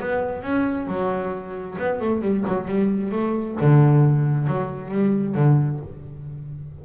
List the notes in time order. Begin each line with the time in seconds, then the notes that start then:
0.00 B3
0.43 C#4
0.87 F#3
1.78 B3
2.01 A3
2.22 G3
2.47 F#3
2.68 G3
3.11 A3
3.61 D3
4.47 F#3
4.91 G3
5.35 D3